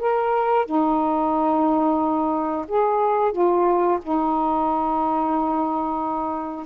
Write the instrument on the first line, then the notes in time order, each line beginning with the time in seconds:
saxophone
0.00 A#4
0.66 D#4
2.68 G#4
3.33 F4
4.03 D#4